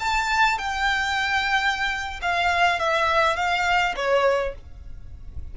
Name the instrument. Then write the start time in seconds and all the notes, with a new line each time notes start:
violin
0.00 A5
0.59 G5
2.22 F5
2.80 E5
3.36 F5
3.96 C#5